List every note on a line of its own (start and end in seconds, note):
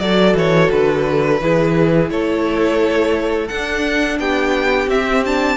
0.00 0.34 F#3
0.00 1.41 F#4
0.00 1.41 A4
0.00 0.35 D5
0.34 0.69 E3
0.34 0.71 C#5
0.71 1.42 D3
0.71 2.10 B4
1.41 2.11 E3
1.41 3.50 E4
1.41 2.12 G#4
2.11 3.50 A3
2.11 4.19 A4
2.11 3.48 C#5
3.48 4.90 D4
3.48 4.20 D4
3.48 4.18 F#5
4.19 4.87 B3
4.19 5.58 G4
4.19 4.90 G5
4.87 5.57 C4
4.87 5.25 C4
4.87 5.25 E5
5.26 5.58 D4
5.26 5.58 A5